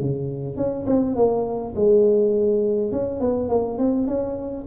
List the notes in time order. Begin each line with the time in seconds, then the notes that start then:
0.00 C#3
0.56 C#4
0.86 C4
1.16 A#3
1.75 G#3
2.92 C#4
3.20 B3
3.49 A#3
3.78 C4
4.07 C#4